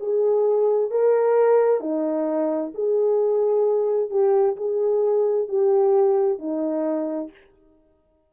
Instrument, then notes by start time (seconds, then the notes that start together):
horn
0.00 G#4
0.91 A#4
1.80 D#4
2.74 G#4
4.10 G4
4.57 G#4
5.48 G4
6.39 D#4